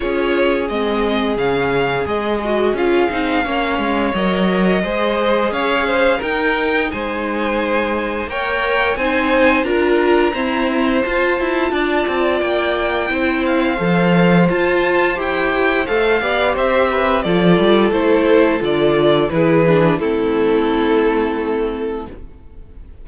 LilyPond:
<<
  \new Staff \with { instrumentName = "violin" } { \time 4/4 \tempo 4 = 87 cis''4 dis''4 f''4 dis''4 | f''2 dis''2 | f''4 g''4 gis''2 | g''4 gis''4 ais''2 |
a''2 g''4. f''8~ | f''4 a''4 g''4 f''4 | e''4 d''4 c''4 d''4 | b'4 a'2. | }
  \new Staff \with { instrumentName = "violin" } { \time 4/4 gis'1~ | gis'4 cis''2 c''4 | cis''8 c''8 ais'4 c''2 | cis''4 c''4 ais'4 c''4~ |
c''4 d''2 c''4~ | c''2.~ c''8 d''8 | c''8 b'8 a'2. | gis'4 e'2. | }
  \new Staff \with { instrumentName = "viola" } { \time 4/4 f'4 c'4 cis'4 gis'8 fis'8 | f'8 dis'8 cis'4 ais'4 gis'4~ | gis'4 dis'2. | ais'4 dis'4 f'4 c'4 |
f'2. e'4 | a'4 f'4 g'4 a'8 g'8~ | g'4 f'4 e'4 f'4 | e'8 d'8 c'2. | }
  \new Staff \with { instrumentName = "cello" } { \time 4/4 cis'4 gis4 cis4 gis4 | cis'8 c'8 ais8 gis8 fis4 gis4 | cis'4 dis'4 gis2 | ais4 c'4 d'4 e'4 |
f'8 e'8 d'8 c'8 ais4 c'4 | f4 f'4 e'4 a8 b8 | c'4 f8 g8 a4 d4 | e4 a2. | }
>>